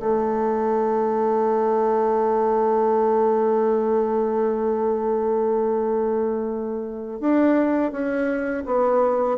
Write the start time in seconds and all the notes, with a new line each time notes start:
0.00 A3
7.21 D4
7.92 C#4
8.66 B3